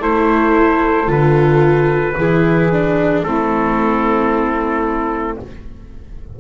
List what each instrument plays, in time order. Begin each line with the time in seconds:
0.00 double bass A3, viola E4, saxophone A4, trumpet C5
1.07 double bass D3, viola F4, trumpet B4
2.18 double bass E3, viola E4, saxophone G#4
2.73 viola D4
3.23 double bass A3, viola C4, saxophone E4, trumpet A4